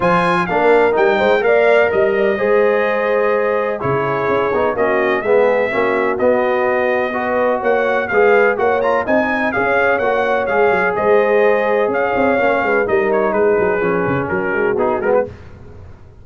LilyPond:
<<
  \new Staff \with { instrumentName = "trumpet" } { \time 4/4 \tempo 4 = 126 gis''4 f''4 g''4 f''4 | dis''1 | cis''2 dis''4 e''4~ | e''4 dis''2. |
fis''4 f''4 fis''8 ais''8 gis''4 | f''4 fis''4 f''4 dis''4~ | dis''4 f''2 dis''8 cis''8 | b'2 ais'4 gis'8 ais'16 b'16 | }
  \new Staff \with { instrumentName = "horn" } { \time 4/4 c''4 ais'4. c''8 d''4 | dis''8 d''8 c''2. | gis'2 fis'4 gis'4 | fis'2. b'4 |
cis''4 b'4 cis''4 dis''4 | cis''2. c''4~ | c''4 cis''4. b'8 ais'4 | gis'2 fis'2 | }
  \new Staff \with { instrumentName = "trombone" } { \time 4/4 f'4 d'4 dis'4 ais'4~ | ais'4 gis'2. | e'4. dis'8 cis'4 b4 | cis'4 b2 fis'4~ |
fis'4 gis'4 fis'8 f'8 dis'4 | gis'4 fis'4 gis'2~ | gis'2 cis'4 dis'4~ | dis'4 cis'2 dis'8 b8 | }
  \new Staff \with { instrumentName = "tuba" } { \time 4/4 f4 ais4 g8 gis8 ais4 | g4 gis2. | cis4 cis'8 b8 ais4 gis4 | ais4 b2. |
ais4 gis4 ais4 c'4 | cis'4 ais4 gis8 fis8 gis4~ | gis4 cis'8 c'8 ais8 gis8 g4 | gis8 fis8 f8 cis8 fis8 gis8 b8 gis8 | }
>>